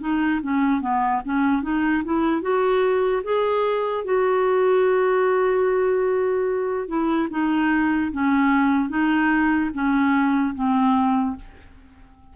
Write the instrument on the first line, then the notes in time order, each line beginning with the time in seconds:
clarinet
0.00 D#4
0.42 C#4
0.81 B3
1.25 C#4
1.62 D#4
2.04 E4
2.41 F#4
3.23 G#4
4.04 F#4
6.88 E4
7.30 D#4
8.12 C#4
8.89 D#4
9.73 C#4
10.54 C4